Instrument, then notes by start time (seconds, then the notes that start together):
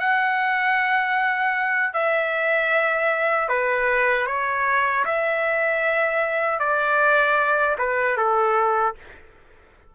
trumpet
0.00 F#5
1.93 E5
3.49 B4
4.27 C#5
5.05 E5
6.60 D5
7.78 B4
8.17 A4